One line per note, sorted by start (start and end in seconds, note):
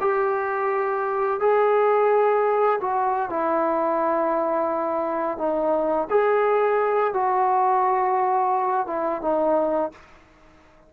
0.00 1.40 G4
1.40 2.79 G#4
2.80 3.29 F#4
3.29 5.38 E4
5.38 6.08 D#4
6.10 7.13 G#4
7.13 8.86 F#4
8.86 9.21 E4
9.21 9.91 D#4